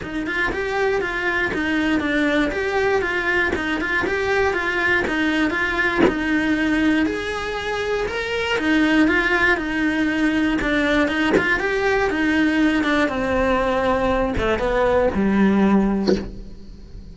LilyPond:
\new Staff \with { instrumentName = "cello" } { \time 4/4 \tempo 4 = 119 dis'8 f'8 g'4 f'4 dis'4 | d'4 g'4 f'4 dis'8 f'8 | g'4 f'4 dis'4 f'4 | dis'2 gis'2 |
ais'4 dis'4 f'4 dis'4~ | dis'4 d'4 dis'8 f'8 g'4 | dis'4. d'8 c'2~ | c'8 a8 b4 g2 | }